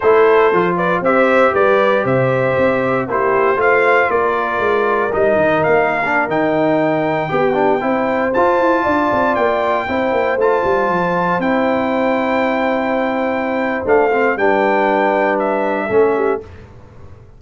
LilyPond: <<
  \new Staff \with { instrumentName = "trumpet" } { \time 4/4 \tempo 4 = 117 c''4. d''8 e''4 d''4 | e''2 c''4 f''4 | d''2 dis''4 f''4~ | f''16 g''2.~ g''8.~ |
g''16 a''2 g''4.~ g''16~ | g''16 a''2 g''4.~ g''16~ | g''2. f''4 | g''2 e''2 | }
  \new Staff \with { instrumentName = "horn" } { \time 4/4 a'4. b'8 c''4 b'4 | c''2 g'4 c''4 | ais'1~ | ais'2~ ais'16 g'4 c''8.~ |
c''4~ c''16 d''2 c''8.~ | c''1~ | c''1 | b'2. a'8 g'8 | }
  \new Staff \with { instrumentName = "trombone" } { \time 4/4 e'4 f'4 g'2~ | g'2 e'4 f'4~ | f'2 dis'4.~ dis'16 d'16~ | d'16 dis'2 g'8 d'8 e'8.~ |
e'16 f'2. e'8.~ | e'16 f'2 e'4.~ e'16~ | e'2. d'8 c'8 | d'2. cis'4 | }
  \new Staff \with { instrumentName = "tuba" } { \time 4/4 a4 f4 c'4 g4 | c4 c'4 ais4 a4 | ais4 gis4 g8 dis8 ais4~ | ais16 dis2 b4 c'8.~ |
c'16 f'8 e'8 d'8 c'8 ais4 c'8 ais16~ | ais16 a8 g8 f4 c'4.~ c'16~ | c'2. a4 | g2. a4 | }
>>